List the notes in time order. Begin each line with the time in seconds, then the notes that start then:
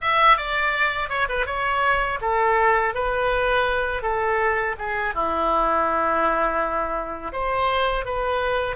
0.01 E5
0.37 D5
1.09 C#5
1.28 B4
1.46 C#5
2.21 A4
2.94 B4
4.02 A4
4.78 G#4
5.14 E4
7.32 C5
8.05 B4